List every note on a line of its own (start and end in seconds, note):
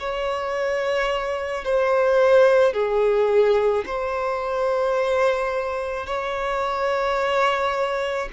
0.00 1.65 C#5
1.65 2.73 C5
2.73 3.84 G#4
3.86 6.07 C5
6.07 8.29 C#5